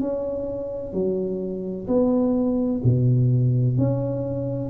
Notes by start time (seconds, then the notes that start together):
0.00 C#4
0.93 F#3
1.87 B3
2.84 B2
3.78 C#4